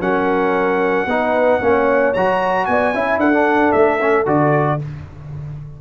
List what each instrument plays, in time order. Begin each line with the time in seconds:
0.00 tuba F#3, trombone C#4, horn A#4, trumpet F#5
1.06 tuba B3, trombone D#4, horn B4
1.61 tuba A#3, trombone C#4, horn C#5
2.13 tuba F#3, trombone F#4, trumpet A#5
2.65 tuba B3, horn D5, trumpet G#5
2.93 tuba C#4, trombone E4, horn E5
3.17 tuba D4, horn A4, trumpet F#5
3.33 trombone D4
3.72 tuba A3, trumpet E5
4.00 trombone C#4
4.25 tuba D3, trombone F#4, trumpet D5